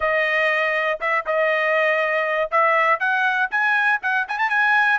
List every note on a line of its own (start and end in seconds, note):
0.00 0.99 D#5
1.00 1.25 E5
1.25 2.50 D#5
2.51 2.99 E5
2.99 3.49 F#5
3.50 4.00 G#5
4.02 4.27 F#5
4.27 4.38 G#5
4.38 4.49 A5
4.49 4.98 G#5